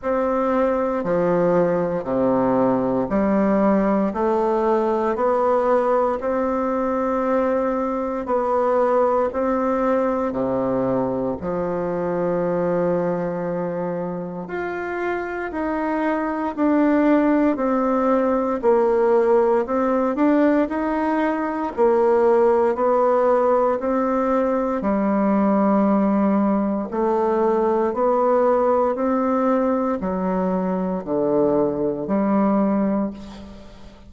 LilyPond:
\new Staff \with { instrumentName = "bassoon" } { \time 4/4 \tempo 4 = 58 c'4 f4 c4 g4 | a4 b4 c'2 | b4 c'4 c4 f4~ | f2 f'4 dis'4 |
d'4 c'4 ais4 c'8 d'8 | dis'4 ais4 b4 c'4 | g2 a4 b4 | c'4 fis4 d4 g4 | }